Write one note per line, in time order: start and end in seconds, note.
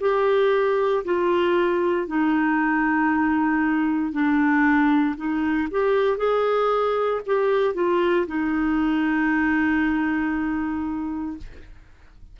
0.00 1.03 G4
1.04 2.07 F4
2.07 4.12 D#4
4.12 5.15 D4
5.16 5.68 D#4
5.71 6.17 G4
6.17 7.21 G#4
7.26 7.74 G4
7.74 8.26 F4
8.27 11.37 D#4